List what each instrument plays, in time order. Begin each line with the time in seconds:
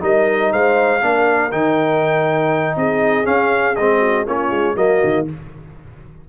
0.00 tuba G3, trombone D#4, horn A#4, trumpet D#5
0.51 tuba G#3, horn C5, trumpet F5
1.01 tuba A#3, trombone D4, horn A#4
1.51 tuba D#3, trombone D#4, trumpet G5
2.76 tuba C4, horn G#4, trumpet D#5
3.24 trombone C#4, tuba C#4, trumpet F5
3.75 tuba G#3, trombone C4, trumpet D#5
3.99 horn F#4
4.25 tuba A#3, trombone C#4, horn F4, trumpet C#5
4.50 tuba G#3
4.75 tuba F#3, trombone A#3, horn F#4, trumpet D#5
5.03 tuba D#3